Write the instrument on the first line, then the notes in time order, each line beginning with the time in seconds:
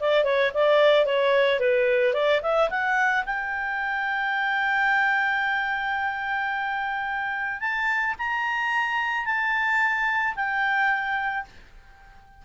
clarinet
0.00 D5
0.24 C#5
0.54 D5
1.06 C#5
1.60 B4
2.14 D5
2.43 E5
2.70 F#5
3.26 G5
7.60 A5
8.18 A#5
9.26 A5
10.36 G5